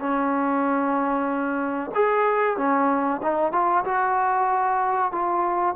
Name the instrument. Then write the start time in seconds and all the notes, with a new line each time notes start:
trombone
0.00 C#4
1.95 G#4
2.57 C#4
3.23 D#4
3.53 F4
3.85 F#4
5.12 F4